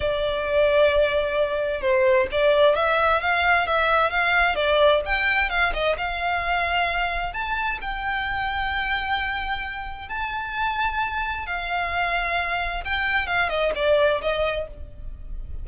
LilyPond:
\new Staff \with { instrumentName = "violin" } { \time 4/4 \tempo 4 = 131 d''1 | c''4 d''4 e''4 f''4 | e''4 f''4 d''4 g''4 | f''8 dis''8 f''2. |
a''4 g''2.~ | g''2 a''2~ | a''4 f''2. | g''4 f''8 dis''8 d''4 dis''4 | }